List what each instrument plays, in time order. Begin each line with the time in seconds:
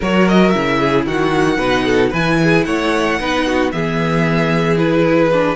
0.00 cello F#3, viola F#4, violin A#4 C#5
0.28 violin D#5
0.49 cello C#3, viola E4, violin E5
0.79 violin G#4
1.06 cello D#3, violin F#4 F#5
1.58 cello B2, viola D#4, violin B4
1.85 violin A4
2.10 cello E3, viola E4, violin B4 G#5
2.42 violin G#4
2.64 cello A3, violin C#5 F#5
3.19 cello B3, viola D#4, violin B4
3.46 violin F#4
3.71 cello E3, viola B3, violin G#4 E5
4.77 viola E4, violin B4
5.32 viola D4